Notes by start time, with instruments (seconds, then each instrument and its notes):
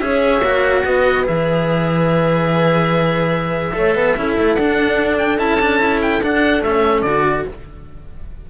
0.00 cello C#4 G#4, horn C#5, oboe E5
0.41 cello A#3 F#4
0.85 cello B3, horn B4, oboe D#5
1.24 cello E3 G#4, oboe E5
3.73 cello A3 A4, horn C#5
3.95 cello B3, horn B4
4.16 cello C#4 E4, horn A4
4.38 cello A3
4.54 cello D4, oboe F#5
5.18 oboe G5
5.38 cello C#4 E4, oboe A5
5.60 cello D4
5.80 cello E4
6.02 oboe G5
6.22 cello D4, oboe F#5
6.61 cello A3 C#4, oboe E5
7.02 cello D3 F#4, oboe D5